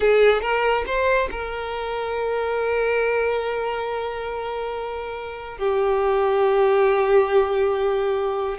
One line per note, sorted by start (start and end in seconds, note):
0.00 0.41 G#4
0.41 0.84 A#4
0.86 1.29 C5
1.31 5.58 A#4
5.58 8.58 G4